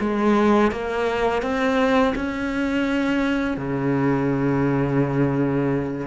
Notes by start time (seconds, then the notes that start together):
0.00 G#3
0.71 A#3
1.43 C4
2.16 C#4
3.57 C#3